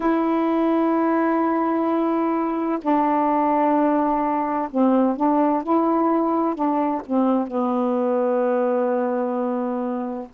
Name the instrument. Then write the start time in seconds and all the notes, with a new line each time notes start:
saxophone
0.00 E4
2.81 D4
4.70 C4
5.16 D4
5.63 E4
6.55 D4
7.06 C4
7.47 B3